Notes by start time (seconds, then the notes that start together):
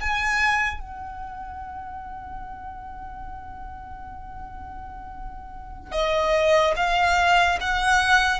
0.00 G#5
0.80 F#5
5.92 D#5
6.76 F5
7.60 F#5